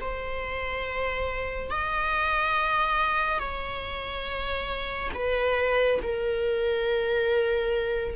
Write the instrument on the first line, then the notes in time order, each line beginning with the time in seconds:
viola
0.00 C5
1.70 D#5
3.39 C#5
5.14 B4
6.02 A#4